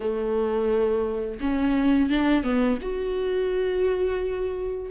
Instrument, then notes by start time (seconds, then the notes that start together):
viola
0.00 A3
1.40 C#4
2.09 D4
2.43 B3
2.81 F#4